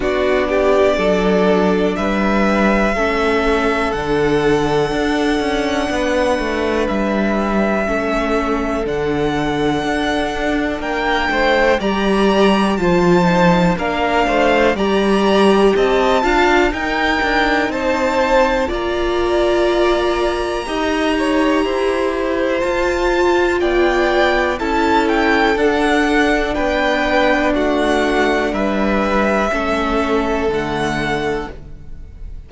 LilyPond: <<
  \new Staff \with { instrumentName = "violin" } { \time 4/4 \tempo 4 = 61 d''2 e''2 | fis''2. e''4~ | e''4 fis''2 g''4 | ais''4 a''4 f''4 ais''4 |
a''4 g''4 a''4 ais''4~ | ais''2. a''4 | g''4 a''8 g''8 fis''4 g''4 | fis''4 e''2 fis''4 | }
  \new Staff \with { instrumentName = "violin" } { \time 4/4 fis'8 g'8 a'4 b'4 a'4~ | a'2 b'2 | a'2. ais'8 c''8 | d''4 c''4 ais'8 c''8 d''4 |
dis''8 f''8 ais'4 c''4 d''4~ | d''4 dis''8 cis''8 c''2 | d''4 a'2 b'4 | fis'4 b'4 a'2 | }
  \new Staff \with { instrumentName = "viola" } { \time 4/4 d'2. cis'4 | d'1 | cis'4 d'2. | g'4 f'8 dis'8 d'4 g'4~ |
g'8 f'8 dis'2 f'4~ | f'4 g'2 f'4~ | f'4 e'4 d'2~ | d'2 cis'4 a4 | }
  \new Staff \with { instrumentName = "cello" } { \time 4/4 b4 fis4 g4 a4 | d4 d'8 cis'8 b8 a8 g4 | a4 d4 d'4 ais8 a8 | g4 f4 ais8 a8 g4 |
c'8 d'8 dis'8 d'8 c'4 ais4~ | ais4 dis'4 e'4 f'4 | b4 cis'4 d'4 b4 | a4 g4 a4 d4 | }
>>